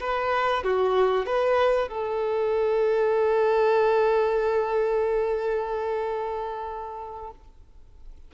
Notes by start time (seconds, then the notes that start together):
0.00 B4
0.63 F#4
1.26 B4
1.89 A4